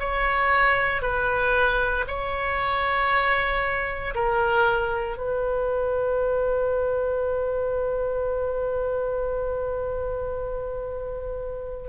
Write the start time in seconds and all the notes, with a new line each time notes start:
0.00 C#5
1.02 B4
2.08 C#5
4.15 A#4
5.17 B4